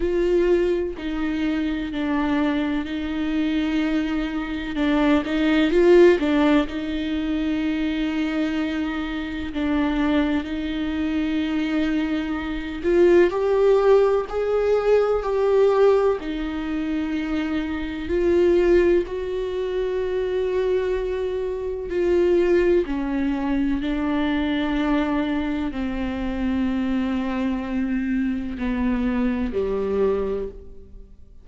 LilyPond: \new Staff \with { instrumentName = "viola" } { \time 4/4 \tempo 4 = 63 f'4 dis'4 d'4 dis'4~ | dis'4 d'8 dis'8 f'8 d'8 dis'4~ | dis'2 d'4 dis'4~ | dis'4. f'8 g'4 gis'4 |
g'4 dis'2 f'4 | fis'2. f'4 | cis'4 d'2 c'4~ | c'2 b4 g4 | }